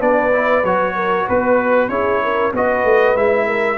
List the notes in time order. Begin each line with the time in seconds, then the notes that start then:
0.00 B3 D4 B4 D5
0.32 E4
0.64 F#3 F#4 C#5
0.96 A#4
1.26 B3 B4
1.89 C#4 E4 G#4 C#5
2.23 A#4
2.54 B3 F#4 B4 D#5
2.85 A3
3.16 G#3 E4 E5
3.47 A#4